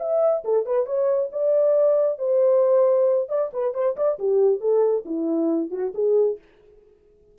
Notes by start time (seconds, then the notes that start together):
0.00 E5
0.45 A4
0.66 B4
0.86 C#5
1.33 D5
2.19 C5
3.29 D5
3.54 B4
3.74 C5
3.97 D5
4.19 G4
4.61 A4
5.06 E4
5.71 F#4
5.95 G#4